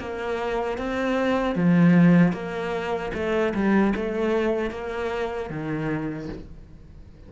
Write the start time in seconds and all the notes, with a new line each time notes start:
0.00 A#3
0.78 C4
1.55 F3
2.33 A#3
3.14 A3
3.54 G3
3.96 A3
4.71 A#3
5.50 D#3